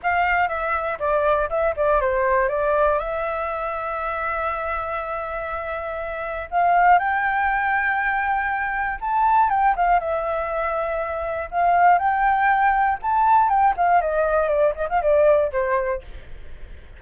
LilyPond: \new Staff \with { instrumentName = "flute" } { \time 4/4 \tempo 4 = 120 f''4 e''4 d''4 e''8 d''8 | c''4 d''4 e''2~ | e''1~ | e''4 f''4 g''2~ |
g''2 a''4 g''8 f''8 | e''2. f''4 | g''2 a''4 g''8 f''8 | dis''4 d''8 dis''16 f''16 d''4 c''4 | }